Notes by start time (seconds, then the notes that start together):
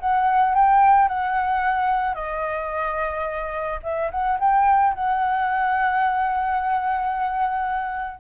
0.00 F#5
0.55 G5
1.08 F#5
2.15 D#5
3.83 E5
4.11 F#5
4.39 G5
4.94 F#5